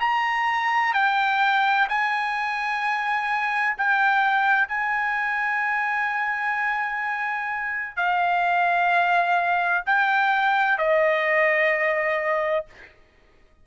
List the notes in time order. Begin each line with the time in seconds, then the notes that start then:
0.00 A#5
0.93 G5
1.88 G#5
3.77 G5
4.68 G#5
7.96 F5
9.86 G5
10.78 D#5